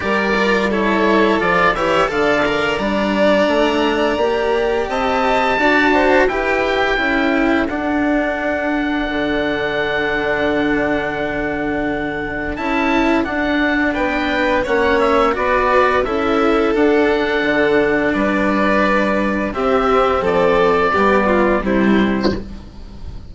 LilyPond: <<
  \new Staff \with { instrumentName = "oboe" } { \time 4/4 \tempo 4 = 86 d''4 cis''4 d''8 e''8 f''4 | ais''2. a''4~ | a''4 g''2 fis''4~ | fis''1~ |
fis''2 a''4 fis''4 | g''4 fis''8 e''8 d''4 e''4 | fis''2 d''2 | e''4 d''2 c''4 | }
  \new Staff \with { instrumentName = "violin" } { \time 4/4 ais'4 a'4. cis''8 d''4~ | d''2. dis''4 | d''8 c''8 b'4 a'2~ | a'1~ |
a'1 | b'4 cis''4 b'4 a'4~ | a'2 b'2 | g'4 a'4 g'8 f'8 e'4 | }
  \new Staff \with { instrumentName = "cello" } { \time 4/4 g'8 f'8 e'4 f'8 g'8 a'8 ais'8 | d'2 g'2 | fis'4 g'4 e'4 d'4~ | d'1~ |
d'2 e'4 d'4~ | d'4 cis'4 fis'4 e'4 | d'1 | c'2 b4 g4 | }
  \new Staff \with { instrumentName = "bassoon" } { \time 4/4 g2 f8 e8 d4 | g4 a4 ais4 c'4 | d'4 e'4 cis'4 d'4~ | d'4 d2.~ |
d2 cis'4 d'4 | b4 ais4 b4 cis'4 | d'4 d4 g2 | c'4 f4 g4 c4 | }
>>